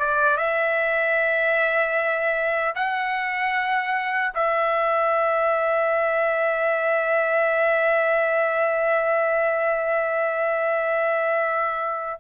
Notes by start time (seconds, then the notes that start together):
0.00 D5
0.38 E5
2.75 F#5
4.35 E5